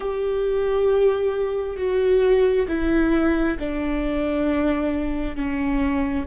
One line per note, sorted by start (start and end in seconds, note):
0.00 1.77 G4
1.77 2.66 F#4
2.68 3.57 E4
3.59 5.36 D4
5.36 6.25 C#4